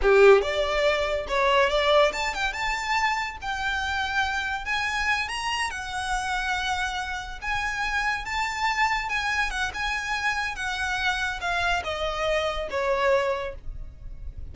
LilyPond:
\new Staff \with { instrumentName = "violin" } { \time 4/4 \tempo 4 = 142 g'4 d''2 cis''4 | d''4 a''8 g''8 a''2 | g''2. gis''4~ | gis''8 ais''4 fis''2~ fis''8~ |
fis''4. gis''2 a''8~ | a''4. gis''4 fis''8 gis''4~ | gis''4 fis''2 f''4 | dis''2 cis''2 | }